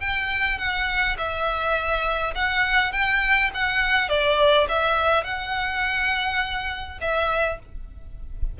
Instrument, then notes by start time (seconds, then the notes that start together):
violin
0.00 G5
0.58 F#5
1.18 E5
2.35 F#5
2.92 G5
3.54 F#5
4.09 D5
4.69 E5
5.23 F#5
7.01 E5